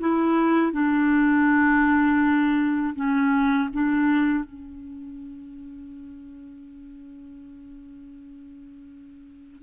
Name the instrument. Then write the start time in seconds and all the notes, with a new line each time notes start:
clarinet
0.00 E4
0.72 D4
2.95 C#4
3.73 D4
4.44 C#4